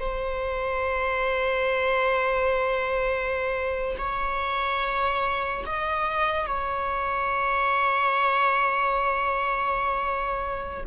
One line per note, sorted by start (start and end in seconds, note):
0.00 3.96 C5
3.98 5.64 C#5
5.66 6.46 D#5
6.46 10.84 C#5